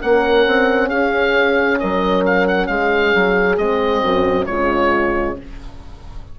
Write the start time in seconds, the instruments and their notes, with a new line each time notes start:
0.00 bassoon A#3, horn C#4 A#4, oboe F#5
0.46 bassoon C4
0.88 bassoon C#4, horn G#4, oboe F5
1.79 bassoon F#3, horn A#4, oboe D#5
2.26 oboe F5
2.47 oboe F#5
2.67 bassoon G#3, horn G#4, oboe F5
3.14 bassoon F#3
3.57 bassoon G#3, horn C4, oboe D#5
4.01 bassoon F#2, horn F#4
4.45 bassoon C#3, horn G#3 F4, oboe C#5